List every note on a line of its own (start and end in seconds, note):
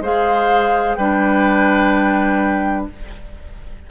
0.00 0.95 G#3
0.00 0.98 G#4
0.00 0.97 C5
0.00 0.95 F5
0.95 2.87 G3
0.95 2.90 D4
0.95 2.87 B4
0.95 2.85 G5